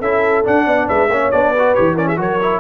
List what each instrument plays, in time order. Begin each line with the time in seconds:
0.00 tuba C#4, trombone E4, horn A4, trumpet E5
0.44 trombone D4, tuba D4, trumpet F#5
0.67 tuba B3, horn D5
0.88 tuba G#3, horn B4, trumpet E5
1.09 tuba A#3, trombone C#4, horn C#5
1.31 tuba B3, trombone D4, trumpet D5
1.52 horn B4
1.58 trombone F#4
1.75 tuba E3, trombone G4, trumpet C#5
1.95 trombone C#4, horn A#4, trumpet D5
2.07 horn G#4, trumpet E5
2.17 tuba F#3, trombone F#4, horn A#4, trumpet C#5
2.42 trombone E4